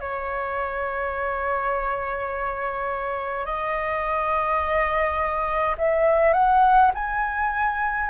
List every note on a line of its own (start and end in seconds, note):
0.00 3.45 C#5
3.45 5.76 D#5
5.77 6.33 E5
6.33 6.91 F#5
6.94 8.10 G#5